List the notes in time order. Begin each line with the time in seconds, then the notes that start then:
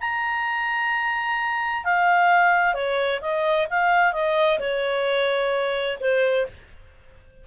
0.00 A#5
1.84 F5
2.74 C#5
3.21 D#5
3.70 F5
4.13 D#5
4.59 C#5
6.00 C5